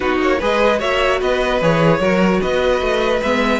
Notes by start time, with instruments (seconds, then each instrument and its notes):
0.00 cello B3, viola D#4, violin F#4 B4
0.21 cello A#3, violin C#5
0.39 cello G#3, viola G#4, violin B4 D#5
0.79 cello A#3, viola F#4, violin C#5 E5
1.19 cello B3, violin B4 D#5
1.61 cello E3, viola G#4, violin C#5
1.99 cello F#3, viola F#4, violin A#4
2.41 cello B3, violin B4 D#5
2.80 cello A3
3.22 cello G#3, viola B3, violin E5